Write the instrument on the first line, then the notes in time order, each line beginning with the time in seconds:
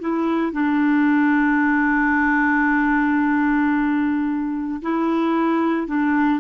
clarinet
0.00 E4
0.53 D4
4.82 E4
5.87 D4